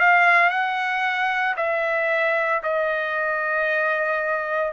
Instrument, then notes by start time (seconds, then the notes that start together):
trumpet
0.00 F5
0.50 F#5
1.57 E5
2.63 D#5